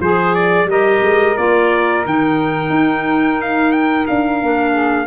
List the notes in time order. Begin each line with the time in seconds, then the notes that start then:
0.00 F3 G#4 C5
0.35 D5
0.65 G3 G4 A#4 D#5
1.02 G#3
1.37 A#3 F4 D5
2.05 D#3 D#4 G5
2.70 D#4
3.41 F5
3.72 G5
4.07 D4 F5
4.42 A#3 D4
4.72 G#4